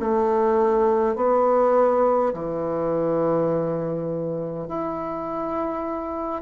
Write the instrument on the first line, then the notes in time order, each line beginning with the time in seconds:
bassoon
0.00 A3
1.16 B3
2.34 E3
4.68 E4